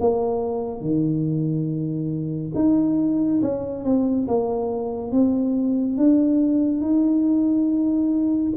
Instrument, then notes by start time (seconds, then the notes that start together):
tuba
0.00 A#3
0.81 D#3
2.55 D#4
3.42 C#4
3.84 C4
4.27 A#3
5.12 C4
5.97 D4
6.81 D#4